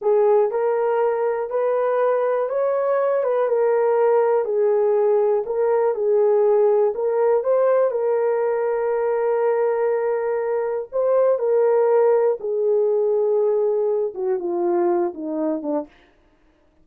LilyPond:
\new Staff \with { instrumentName = "horn" } { \time 4/4 \tempo 4 = 121 gis'4 ais'2 b'4~ | b'4 cis''4. b'8 ais'4~ | ais'4 gis'2 ais'4 | gis'2 ais'4 c''4 |
ais'1~ | ais'2 c''4 ais'4~ | ais'4 gis'2.~ | gis'8 fis'8 f'4. dis'4 d'8 | }